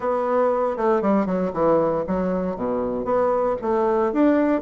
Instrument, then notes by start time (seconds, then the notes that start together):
bassoon
0.00 B3
0.76 A3
1.01 G3
1.26 F#3
1.53 E3
2.07 F#3
2.56 B2
3.04 B3
3.61 A3
4.12 D4